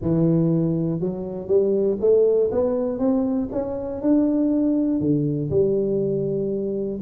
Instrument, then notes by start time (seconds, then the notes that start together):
tuba
0.01 E3
1.00 F#3
1.47 G3
2.00 A3
2.51 B3
2.98 C4
3.51 C#4
4.01 D4
5.00 D3
5.50 G3